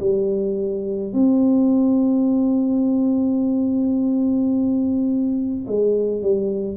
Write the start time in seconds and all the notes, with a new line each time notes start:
0.00 G3
1.13 C4
5.67 G#3
6.22 G3